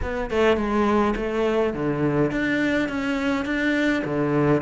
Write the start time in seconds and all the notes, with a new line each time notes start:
0.02 B3
0.30 A3
0.56 G#3
1.16 A3
1.73 D3
2.31 D4
2.88 C#4
3.45 D4
4.04 D3